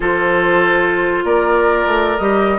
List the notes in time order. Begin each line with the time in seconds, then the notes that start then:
0.00 F3 F4 A4 C5
1.23 A#3 A#4 D5
1.86 A3
2.18 G3 G4 D#5